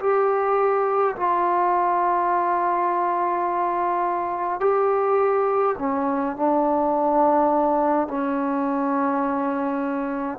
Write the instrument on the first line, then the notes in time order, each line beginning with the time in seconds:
trombone
0.00 G4
1.16 F4
4.60 G4
5.78 C#4
6.37 D4
8.08 C#4